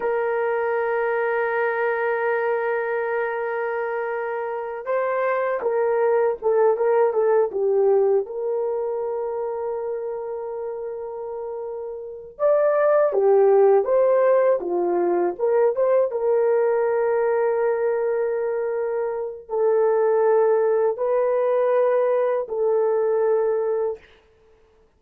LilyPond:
\new Staff \with { instrumentName = "horn" } { \time 4/4 \tempo 4 = 80 ais'1~ | ais'2~ ais'8 c''4 ais'8~ | ais'8 a'8 ais'8 a'8 g'4 ais'4~ | ais'1~ |
ais'8 d''4 g'4 c''4 f'8~ | f'8 ais'8 c''8 ais'2~ ais'8~ | ais'2 a'2 | b'2 a'2 | }